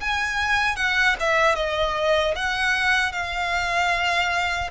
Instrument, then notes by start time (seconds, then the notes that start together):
violin
0.00 G#5
0.76 F#5
1.19 E5
1.55 D#5
2.35 F#5
3.12 F5